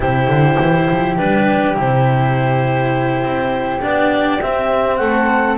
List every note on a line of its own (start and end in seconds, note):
0.00 0.28 C3
0.00 1.17 E4
0.00 4.98 G4
0.00 1.17 C5
0.28 0.57 D3
0.60 0.89 E3
0.90 1.18 F3
1.17 1.76 G3
1.17 1.74 D4
1.17 1.76 B4
1.74 3.23 C3
1.74 3.80 E4
1.74 3.82 C5
3.23 3.81 C4
3.81 4.43 B3
3.81 4.40 D4
3.81 4.41 D5
4.41 5.57 C4
4.41 5.00 C4
4.41 4.97 E5
4.97 5.57 A3
4.97 5.57 A4
4.97 5.56 F#5